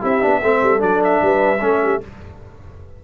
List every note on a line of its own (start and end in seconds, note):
0.00 0.23 C4
0.00 0.22 E4
0.00 0.40 G4
0.00 0.82 E5
0.22 0.43 B3
0.22 0.42 D4
0.43 0.63 A3
0.43 0.79 C4
0.43 1.23 A4
0.63 0.82 G3
0.79 1.22 F#3
0.79 1.59 D4
0.79 1.02 D5
1.04 2.04 E5
1.22 1.61 G3
1.22 1.62 B4
1.61 2.01 A3
1.61 2.01 C#4
1.61 1.82 A4
1.83 2.02 G4